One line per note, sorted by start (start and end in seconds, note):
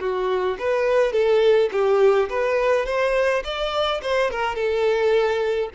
0.00 0.57 F#4
0.59 1.13 B4
1.13 1.70 A4
1.72 2.29 G4
2.29 2.86 B4
2.86 3.43 C5
3.44 4.01 D5
4.02 4.31 C5
4.31 4.55 A#4
4.55 5.70 A4